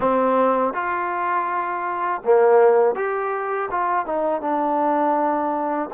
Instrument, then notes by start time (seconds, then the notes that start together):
trombone
0.00 C4
0.73 F4
2.24 A#3
2.95 G4
3.70 F4
4.05 D#4
4.41 D4